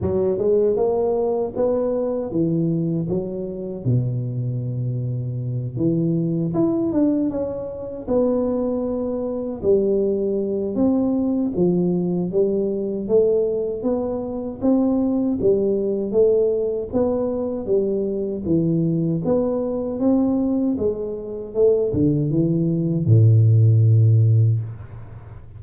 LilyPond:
\new Staff \with { instrumentName = "tuba" } { \time 4/4 \tempo 4 = 78 fis8 gis8 ais4 b4 e4 | fis4 b,2~ b,8 e8~ | e8 e'8 d'8 cis'4 b4.~ | b8 g4. c'4 f4 |
g4 a4 b4 c'4 | g4 a4 b4 g4 | e4 b4 c'4 gis4 | a8 d8 e4 a,2 | }